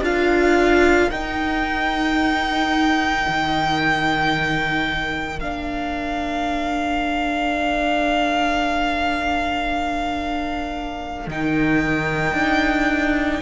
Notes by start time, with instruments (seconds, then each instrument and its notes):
0.00 cello D4, viola F4, violin A#4 F5
1.10 cello D#4, viola D#4, violin G5
3.28 cello D#3
5.40 cello A#3, viola D4, violin F5
11.27 cello D#3, viola D#4, violin G5
12.33 cello D4